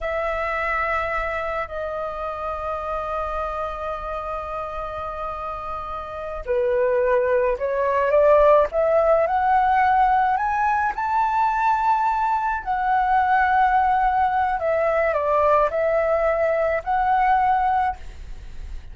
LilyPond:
\new Staff \with { instrumentName = "flute" } { \time 4/4 \tempo 4 = 107 e''2. dis''4~ | dis''1~ | dis''2.~ dis''8 b'8~ | b'4. cis''4 d''4 e''8~ |
e''8 fis''2 gis''4 a''8~ | a''2~ a''8 fis''4.~ | fis''2 e''4 d''4 | e''2 fis''2 | }